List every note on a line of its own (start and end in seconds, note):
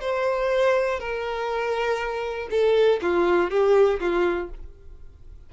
0.00 0.99 C5
0.99 2.48 A#4
2.50 3.00 A4
3.01 3.50 F4
3.50 3.99 G4
4.00 4.49 F4